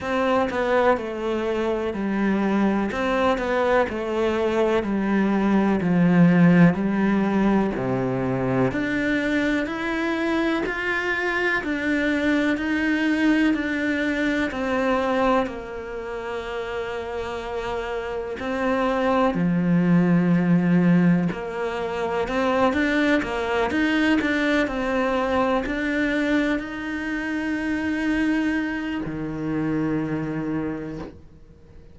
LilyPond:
\new Staff \with { instrumentName = "cello" } { \time 4/4 \tempo 4 = 62 c'8 b8 a4 g4 c'8 b8 | a4 g4 f4 g4 | c4 d'4 e'4 f'4 | d'4 dis'4 d'4 c'4 |
ais2. c'4 | f2 ais4 c'8 d'8 | ais8 dis'8 d'8 c'4 d'4 dis'8~ | dis'2 dis2 | }